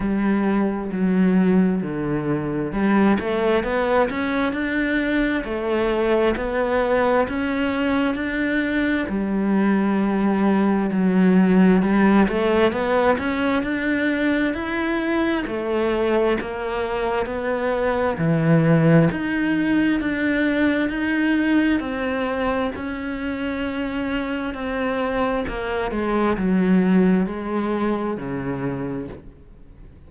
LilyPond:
\new Staff \with { instrumentName = "cello" } { \time 4/4 \tempo 4 = 66 g4 fis4 d4 g8 a8 | b8 cis'8 d'4 a4 b4 | cis'4 d'4 g2 | fis4 g8 a8 b8 cis'8 d'4 |
e'4 a4 ais4 b4 | e4 dis'4 d'4 dis'4 | c'4 cis'2 c'4 | ais8 gis8 fis4 gis4 cis4 | }